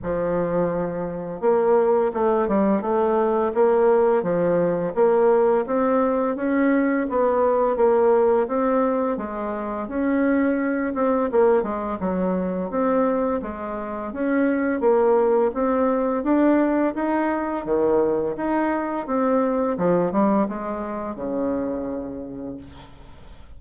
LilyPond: \new Staff \with { instrumentName = "bassoon" } { \time 4/4 \tempo 4 = 85 f2 ais4 a8 g8 | a4 ais4 f4 ais4 | c'4 cis'4 b4 ais4 | c'4 gis4 cis'4. c'8 |
ais8 gis8 fis4 c'4 gis4 | cis'4 ais4 c'4 d'4 | dis'4 dis4 dis'4 c'4 | f8 g8 gis4 cis2 | }